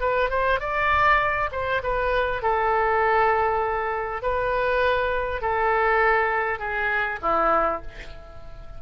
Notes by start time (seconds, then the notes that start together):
0.00 B4
0.30 C5
0.60 D5
1.52 C5
1.83 B4
2.42 A4
4.22 B4
5.41 A4
6.59 G#4
7.22 E4